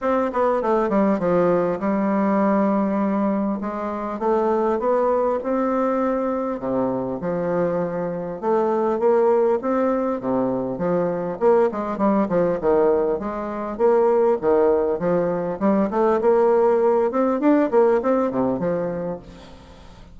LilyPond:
\new Staff \with { instrumentName = "bassoon" } { \time 4/4 \tempo 4 = 100 c'8 b8 a8 g8 f4 g4~ | g2 gis4 a4 | b4 c'2 c4 | f2 a4 ais4 |
c'4 c4 f4 ais8 gis8 | g8 f8 dis4 gis4 ais4 | dis4 f4 g8 a8 ais4~ | ais8 c'8 d'8 ais8 c'8 c8 f4 | }